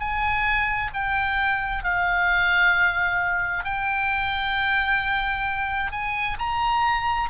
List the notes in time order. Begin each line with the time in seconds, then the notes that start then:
0.00 G#5
0.94 G5
1.84 F5
3.64 G5
5.92 G#5
6.39 A#5